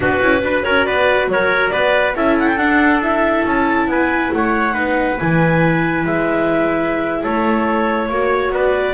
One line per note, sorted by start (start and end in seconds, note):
0.00 0.19 B3
0.00 0.21 D4
0.00 0.44 F#4
0.00 0.63 B4
0.21 0.42 C#4
0.21 0.40 E4
0.40 0.63 D4
0.40 2.13 F#4
0.40 0.64 B4
0.63 0.86 C#4
0.63 0.86 A#4
0.63 0.84 C#5
0.84 1.27 B3
0.84 1.29 B4
0.84 1.28 D5
1.27 1.70 F#3
1.27 1.72 A#4
1.27 1.70 C#5
1.70 2.15 B3
1.70 2.15 B4
1.70 2.13 D5
2.15 2.55 C#4
2.15 2.58 E4
2.15 3.88 A4
2.15 2.38 E5
2.38 2.47 F#5
2.47 2.57 G5
2.55 3.42 D4
2.55 3.01 D4
2.55 3.00 F#5
3.02 4.73 E4
3.02 3.46 E5
3.45 3.87 C#4
3.45 3.89 A5
3.87 4.30 B3
3.87 4.34 B4
3.87 4.32 G#5
4.33 4.76 A3
4.33 4.73 C#5
4.33 5.19 F#5
4.73 5.19 B3
4.73 5.16 D#4
4.73 7.21 B4
5.19 6.05 E3
5.19 8.10 E4
5.19 6.05 G#5
6.05 7.24 G#3
6.05 7.24 E5
7.22 8.09 A3
7.22 8.08 A4
7.22 8.53 C#5
8.08 8.50 A#3
8.08 8.93 F#4
8.08 8.51 C#5
8.50 8.93 B3
8.50 8.93 B4
8.50 8.93 D5